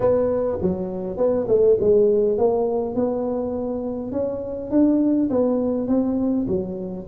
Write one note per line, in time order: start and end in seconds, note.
0.00 0.58 B3
0.61 1.17 F#3
1.17 1.46 B3
1.47 1.77 A3
1.80 2.38 G#3
2.38 2.95 A#3
2.95 4.11 B3
4.11 4.70 C#4
4.71 5.29 D4
5.30 5.87 B3
5.87 6.46 C4
6.47 7.06 F#3